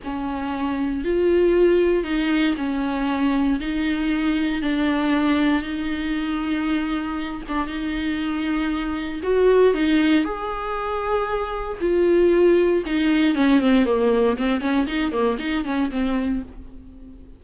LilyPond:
\new Staff \with { instrumentName = "viola" } { \time 4/4 \tempo 4 = 117 cis'2 f'2 | dis'4 cis'2 dis'4~ | dis'4 d'2 dis'4~ | dis'2~ dis'8 d'8 dis'4~ |
dis'2 fis'4 dis'4 | gis'2. f'4~ | f'4 dis'4 cis'8 c'8 ais4 | c'8 cis'8 dis'8 ais8 dis'8 cis'8 c'4 | }